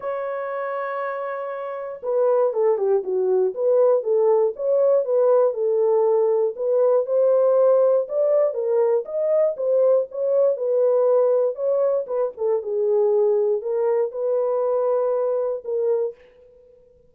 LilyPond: \new Staff \with { instrumentName = "horn" } { \time 4/4 \tempo 4 = 119 cis''1 | b'4 a'8 g'8 fis'4 b'4 | a'4 cis''4 b'4 a'4~ | a'4 b'4 c''2 |
d''4 ais'4 dis''4 c''4 | cis''4 b'2 cis''4 | b'8 a'8 gis'2 ais'4 | b'2. ais'4 | }